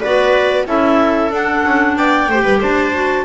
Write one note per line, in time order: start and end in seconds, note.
0.00 0.67 B3
0.00 0.66 F#4
0.00 0.65 B4
0.00 0.65 D5
0.66 1.31 C#4
0.66 1.30 E4
0.66 1.96 A4
0.66 1.32 E5
1.31 1.63 D4
1.31 2.30 D4
1.31 1.96 F#5
1.65 1.97 C#4
1.96 2.28 B3
1.96 2.30 D5
1.96 2.61 G5
2.28 2.44 A3
2.28 2.93 G4
2.28 2.43 C5
2.43 2.60 G3
2.43 2.59 B4
2.60 3.24 D4
2.60 3.24 C5
2.60 3.24 A5
2.93 3.24 F#4